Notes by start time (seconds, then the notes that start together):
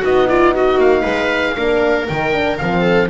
0.00 B3 D#4 F#4 D#5
0.29 F4 D5
0.54 F#4 D#5
0.78 A#3 F5
1.02 G#3 B4
1.56 A#3 D4 A#4
2.08 D#3 D#4 G5
2.33 D4
2.58 F3 C4 F5
2.81 A4